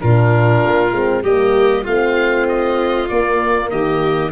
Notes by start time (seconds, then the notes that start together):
0.00 A#2 D4 F4 A#4
0.65 A#3
0.92 G#3 C4
1.23 G3 A#3 G4 D#5
1.84 A3 C4 F4 F5
2.48 D#5
3.09 A#3 D5
3.70 D#3 G4 D#5